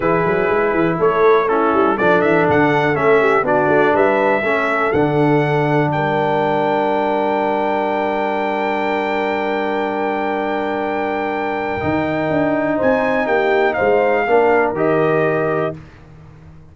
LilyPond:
<<
  \new Staff \with { instrumentName = "trumpet" } { \time 4/4 \tempo 4 = 122 b'2 cis''4 a'4 | d''8 e''8 fis''4 e''4 d''4 | e''2 fis''2 | g''1~ |
g''1~ | g''1~ | g''2 gis''4 g''4 | f''2 dis''2 | }
  \new Staff \with { instrumentName = "horn" } { \time 4/4 gis'2 a'4 e'4 | a'2~ a'8 g'8 fis'4 | b'4 a'2. | ais'1~ |
ais'1~ | ais'1~ | ais'2 c''4 g'4 | c''4 ais'2. | }
  \new Staff \with { instrumentName = "trombone" } { \time 4/4 e'2. cis'4 | d'2 cis'4 d'4~ | d'4 cis'4 d'2~ | d'1~ |
d'1~ | d'1 | dis'1~ | dis'4 d'4 g'2 | }
  \new Staff \with { instrumentName = "tuba" } { \time 4/4 e8 fis8 gis8 e8 a4. g8 | f8 e8 d4 a4 b8 a8 | g4 a4 d2 | g1~ |
g1~ | g1 | dis4 d'4 c'4 ais4 | gis4 ais4 dis2 | }
>>